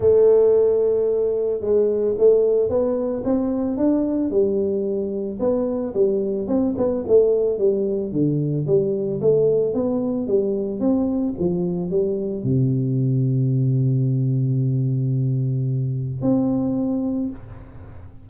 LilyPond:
\new Staff \with { instrumentName = "tuba" } { \time 4/4 \tempo 4 = 111 a2. gis4 | a4 b4 c'4 d'4 | g2 b4 g4 | c'8 b8 a4 g4 d4 |
g4 a4 b4 g4 | c'4 f4 g4 c4~ | c1~ | c2 c'2 | }